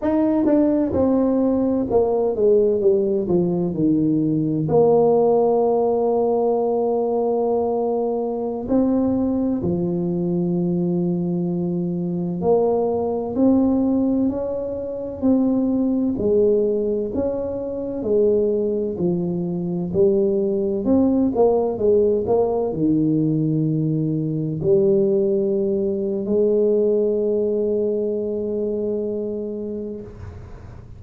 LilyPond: \new Staff \with { instrumentName = "tuba" } { \time 4/4 \tempo 4 = 64 dis'8 d'8 c'4 ais8 gis8 g8 f8 | dis4 ais2.~ | ais4~ ais16 c'4 f4.~ f16~ | f4~ f16 ais4 c'4 cis'8.~ |
cis'16 c'4 gis4 cis'4 gis8.~ | gis16 f4 g4 c'8 ais8 gis8 ais16~ | ais16 dis2 g4.~ g16 | gis1 | }